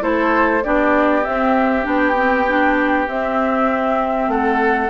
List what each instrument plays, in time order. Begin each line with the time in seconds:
0.00 bassoon A3, clarinet E4, oboe A4, flute C5
0.63 bassoon B3, clarinet D4, oboe G4, flute D5
1.23 clarinet C4, bassoon C4, flute E5
1.82 bassoon B3, clarinet D4, flute G5
2.15 clarinet C4
2.48 clarinet D4
3.07 clarinet C4, bassoon C4, flute E5
4.28 bassoon A3, oboe A4, flute F#5